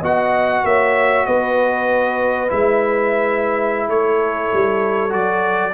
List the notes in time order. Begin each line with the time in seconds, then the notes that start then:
0.00 B3 F#4 D#5 F#5
0.65 A#3 C#5 E5
1.26 B3 B4 D#5
2.49 G#3 E4 E5
3.88 A3 A4 C#5
4.53 G3
5.10 F#3 F#4 D5